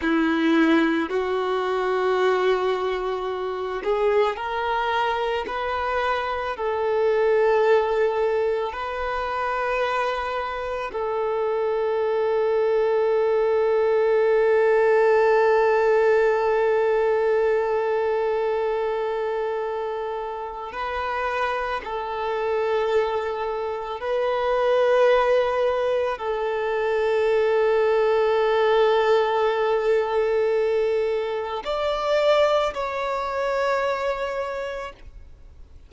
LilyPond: \new Staff \with { instrumentName = "violin" } { \time 4/4 \tempo 4 = 55 e'4 fis'2~ fis'8 gis'8 | ais'4 b'4 a'2 | b'2 a'2~ | a'1~ |
a'2. b'4 | a'2 b'2 | a'1~ | a'4 d''4 cis''2 | }